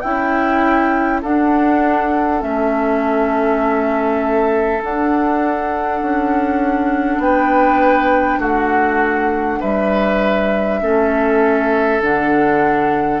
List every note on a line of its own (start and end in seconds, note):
0.00 1.23 C#4
0.00 1.21 E4
0.00 1.23 E4
0.00 1.20 G5
1.21 2.38 D4
1.21 2.42 D4
1.21 7.21 A4
1.21 2.42 F#5
2.38 4.82 A3
2.38 4.78 C#4
2.38 4.82 E5
4.82 10.81 D4
4.82 6.01 D4
4.82 7.21 F#5
6.01 7.18 C#4
7.18 8.38 B3
7.18 8.39 B4
7.18 8.40 G5
8.38 9.58 A3
8.38 9.59 F#4
8.38 9.61 F#5
9.60 10.81 G3
9.60 10.79 B4
9.60 12.01 E5
10.81 12.01 A3
10.81 12.01 C#4
10.81 13.20 A4
12.01 13.20 D3
12.01 13.20 D4
12.01 13.20 F#5